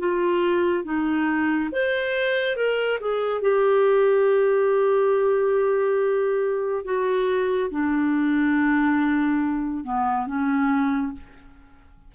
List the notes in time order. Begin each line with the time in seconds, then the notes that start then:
0.00 F4
0.85 D#4
1.72 C5
2.57 A#4
3.00 G#4
3.42 G4
6.85 F#4
7.71 D4
9.85 B3
10.27 C#4